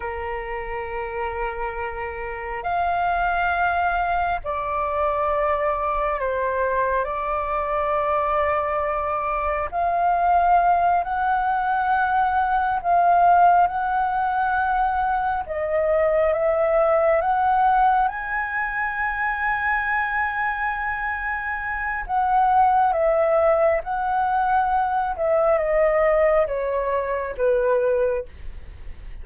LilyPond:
\new Staff \with { instrumentName = "flute" } { \time 4/4 \tempo 4 = 68 ais'2. f''4~ | f''4 d''2 c''4 | d''2. f''4~ | f''8 fis''2 f''4 fis''8~ |
fis''4. dis''4 e''4 fis''8~ | fis''8 gis''2.~ gis''8~ | gis''4 fis''4 e''4 fis''4~ | fis''8 e''8 dis''4 cis''4 b'4 | }